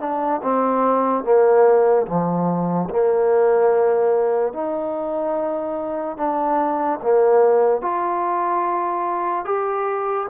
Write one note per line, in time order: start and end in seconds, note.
0.00 0.41 D4
0.43 1.24 C4
1.24 2.07 A#3
2.07 2.89 F3
2.90 4.53 A#3
4.53 6.17 D#4
6.17 6.99 D4
7.03 7.82 A#3
7.82 9.45 F4
9.45 10.27 G4